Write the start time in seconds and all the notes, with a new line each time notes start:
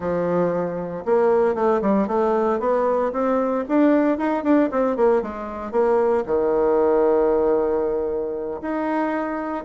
0.00 F3
1.05 A#3
1.54 A3
1.81 G3
2.07 A3
2.59 B3
3.12 C4
3.68 D4
4.17 D#4
4.43 D4
4.71 C4
4.96 A#3
5.22 G#3
5.71 A#3
6.26 D#3
8.61 D#4